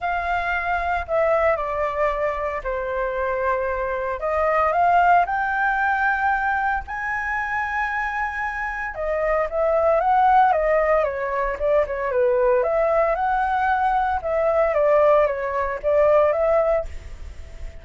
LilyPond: \new Staff \with { instrumentName = "flute" } { \time 4/4 \tempo 4 = 114 f''2 e''4 d''4~ | d''4 c''2. | dis''4 f''4 g''2~ | g''4 gis''2.~ |
gis''4 dis''4 e''4 fis''4 | dis''4 cis''4 d''8 cis''8 b'4 | e''4 fis''2 e''4 | d''4 cis''4 d''4 e''4 | }